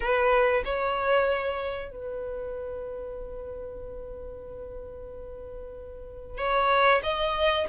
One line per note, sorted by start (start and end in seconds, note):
0.00 0.63 B4
0.64 1.91 C#5
1.91 6.37 B4
6.37 7.01 C#5
7.03 7.67 D#5